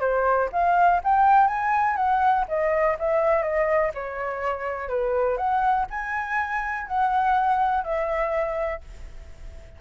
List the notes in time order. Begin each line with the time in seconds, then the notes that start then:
0.00 C5
0.52 F5
1.03 G5
1.47 G#5
1.96 F#5
2.48 D#5
2.98 E5
3.42 D#5
3.94 C#5
4.88 B4
5.37 F#5
5.90 G#5
6.87 F#5
7.83 E5